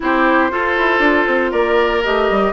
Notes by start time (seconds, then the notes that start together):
0.00 C4 E4 G4 C5
0.50 F4 A4
0.77 E4
0.99 D4
1.26 C4
1.51 A#3 A#4 D5
2.03 A3 G4 D#5
2.30 G3